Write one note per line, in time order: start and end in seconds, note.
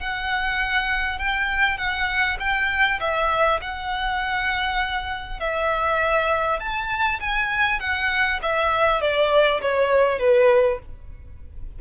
0.00 1.19 F#5
1.19 1.78 G5
1.78 2.38 F#5
2.40 3.00 G5
3.01 3.61 E5
3.62 5.40 F#5
5.40 6.60 E5
6.60 7.20 A5
7.20 7.80 G#5
7.80 8.40 F#5
8.42 9.01 E5
9.01 9.61 D5
9.62 10.19 C#5
10.19 10.79 B4